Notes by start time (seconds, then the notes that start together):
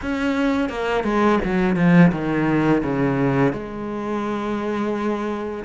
0.02 C#4
0.69 A#3
1.04 G#3
1.44 F#3
1.76 F3
2.11 D#3
2.83 C#3
3.52 G#3